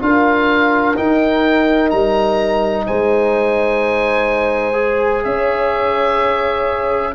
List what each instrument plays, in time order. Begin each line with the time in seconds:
0.00 tuba D4, trombone F4, horn A#4, oboe F5
0.96 trombone D#4, tuba D#4, oboe G5
1.90 tuba G3, oboe A#5
2.87 tuba G#3, horn C5, oboe G#5
4.74 trombone G#4
5.24 tuba C#4, horn C#5, oboe E5